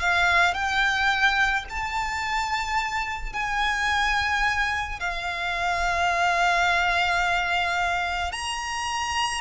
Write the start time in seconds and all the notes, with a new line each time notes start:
0.00 F5
0.54 G5
1.70 A5
3.33 G#5
5.00 F5
8.32 A#5